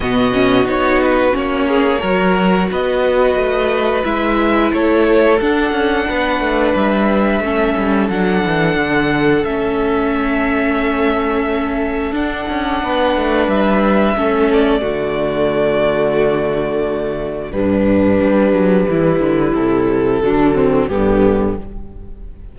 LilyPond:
<<
  \new Staff \with { instrumentName = "violin" } { \time 4/4 \tempo 4 = 89 dis''4 cis''8 b'8 cis''2 | dis''2 e''4 cis''4 | fis''2 e''2 | fis''2 e''2~ |
e''2 fis''2 | e''4. d''2~ d''8~ | d''2 b'2~ | b'4 a'2 g'4 | }
  \new Staff \with { instrumentName = "violin" } { \time 4/4 fis'2~ fis'8 gis'8 ais'4 | b'2. a'4~ | a'4 b'2 a'4~ | a'1~ |
a'2. b'4~ | b'4 a'4 fis'2~ | fis'2 d'2 | e'2 d'8 c'8 b4 | }
  \new Staff \with { instrumentName = "viola" } { \time 4/4 b8 cis'8 dis'4 cis'4 fis'4~ | fis'2 e'2 | d'2. cis'4 | d'2 cis'2~ |
cis'2 d'2~ | d'4 cis'4 a2~ | a2 g2~ | g2 fis4 d4 | }
  \new Staff \with { instrumentName = "cello" } { \time 4/4 b,4 b4 ais4 fis4 | b4 a4 gis4 a4 | d'8 cis'8 b8 a8 g4 a8 g8 | fis8 e8 d4 a2~ |
a2 d'8 cis'8 b8 a8 | g4 a4 d2~ | d2 g,4 g8 fis8 | e8 d8 c4 d4 g,4 | }
>>